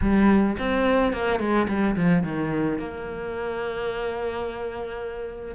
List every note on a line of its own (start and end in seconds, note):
0.01 0.57 G3
0.58 1.12 C4
1.12 1.39 A#3
1.39 1.67 G#3
1.68 1.95 G3
1.95 2.23 F3
2.23 2.78 D#3
2.78 5.55 A#3